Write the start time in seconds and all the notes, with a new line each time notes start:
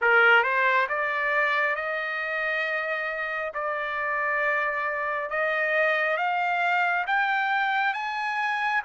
0.01 A#4
0.43 C5
0.88 D5
1.75 D#5
3.54 D5
5.29 D#5
6.17 F5
7.06 G5
7.93 G#5